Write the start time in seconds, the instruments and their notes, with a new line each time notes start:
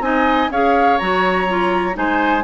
0.00 bassoon C4, clarinet D#4, oboe D#5, flute G#5
0.51 bassoon C#4, clarinet G#4, oboe C#5, flute F5
0.98 bassoon F#3, clarinet F#4, flute A#5
1.48 clarinet F4
1.94 bassoon G#3, clarinet D#4, oboe C5, flute G#5